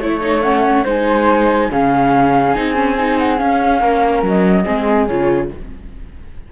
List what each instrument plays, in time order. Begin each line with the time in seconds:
0.00 cello A3, viola E4, flute C#5
0.21 viola D#4
0.43 viola C#4, flute F#5
0.85 cello G#3, viola D#4, flute C5 G#5
1.71 cello C#3, viola C#4, flute G#4 F5
2.54 cello C4, viola D#4, flute G#5
2.75 viola C#4
2.99 viola D#4
3.18 flute F#5
3.38 viola C#4, cello C#4, flute F5
3.81 cello A#3, flute A#4
4.23 cello F#3, flute D#5
4.64 cello G#3, viola C4, flute G#4
5.07 cello C#3, viola F4, flute C#5